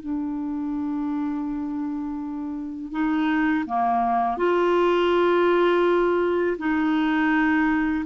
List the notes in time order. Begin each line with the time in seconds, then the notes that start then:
0.00 D4
2.91 D#4
3.66 A#3
4.37 F4
6.58 D#4